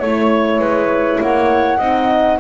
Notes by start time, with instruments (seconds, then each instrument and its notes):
0.00 double bass A3, horn E4, flute C#5, clarinet C#5
0.59 double bass G#3, clarinet B4
1.21 double bass A#3, clarinet C#5, flute F#5
1.78 double bass C4, horn D#4, clarinet D#5